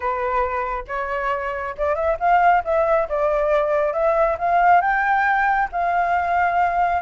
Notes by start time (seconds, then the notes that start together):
0.00 B4
0.87 C#5
1.77 D5
1.95 E5
2.19 F5
2.64 E5
3.08 D5
3.93 E5
4.38 F5
4.81 G5
5.72 F5